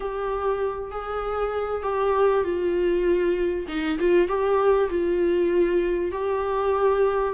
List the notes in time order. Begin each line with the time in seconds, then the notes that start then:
0.00 G4
0.91 G#4
1.83 G4
2.44 F4
3.67 D#4
3.98 F4
4.27 G4
4.89 F4
6.11 G4